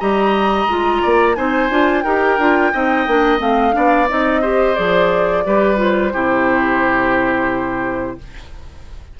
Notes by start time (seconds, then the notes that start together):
0.00 G3 G4 D#5 A#5
0.66 G#3 F4
1.02 A#3 D5
1.36 C4 D#4 C5 G#5
1.70 D4 F4
2.02 D#4 G4 A#4 G5
2.38 D4 F4
2.73 C4 D#4 D#5
3.07 A#3 D4
3.38 A3 C4 F5
3.72 B3 D4 D5
4.09 C4 D#4 D#5
4.41 G4 C5
4.75 F3 G#4 D5
5.46 G3 G4 B4
5.77 F4 C5
6.13 C3 E4 G4